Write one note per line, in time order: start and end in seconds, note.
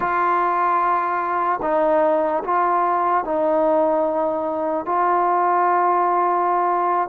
0.00 1.60 F4
1.62 2.43 D#4
2.44 3.24 F4
3.24 4.85 D#4
4.85 7.08 F4